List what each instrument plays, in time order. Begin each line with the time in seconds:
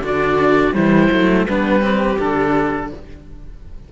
0.00 cello D3 D4, viola F#4
0.07 oboe D5
0.73 cello E3 G3, viola E4, oboe C5
1.10 cello F#3 A3
1.46 cello G3 B3, viola D4, oboe B4
1.82 cello C4, viola G4
2.19 cello D3 D4, oboe A4